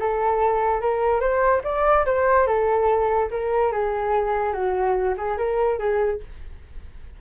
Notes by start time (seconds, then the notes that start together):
0.00 A4
0.81 A#4
1.21 C5
1.64 D5
2.06 C5
2.47 A4
3.31 A#4
3.72 G#4
4.53 F#4
5.18 G#4
5.38 A#4
5.79 G#4